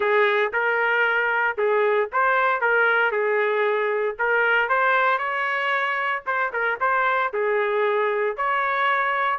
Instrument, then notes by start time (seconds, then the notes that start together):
trumpet
0.00 G#4
0.52 A#4
1.57 G#4
2.12 C5
2.60 A#4
3.11 G#4
4.19 A#4
4.69 C5
5.18 C#5
6.26 C5
6.52 A#4
6.80 C5
7.33 G#4
8.36 C#5